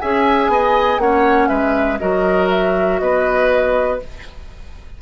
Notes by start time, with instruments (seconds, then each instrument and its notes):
0.00 bassoon C#4, clarinet G#4, oboe E5, flute G#5
0.48 bassoon B3, oboe D#5
0.98 bassoon A#3, clarinet C#4, oboe C#5, flute F#5
1.48 bassoon G#3, oboe B4, flute E5
1.99 bassoon F#3, clarinet F#4, oboe A#4, flute D#5
2.50 flute E5
2.99 bassoon B3, oboe B4, flute D#5